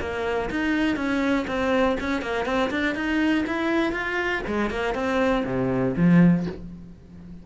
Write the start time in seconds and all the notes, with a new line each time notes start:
0.00 A#3
0.50 D#4
0.96 C#4
1.47 C4
2.00 C#4
2.21 A#3
2.45 C4
2.70 D4
2.95 D#4
3.46 E4
3.92 F4
4.47 G#3
4.70 A#3
4.94 C4
5.45 C3
5.96 F3